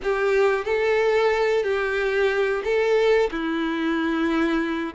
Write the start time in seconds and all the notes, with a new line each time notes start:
0.02 G4
0.64 A4
1.63 G4
2.64 A4
3.31 E4